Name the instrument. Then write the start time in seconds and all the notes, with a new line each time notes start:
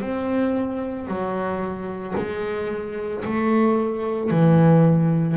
double bass
0.00 C4
1.07 F#3
2.17 G#3
3.24 A3
4.30 E3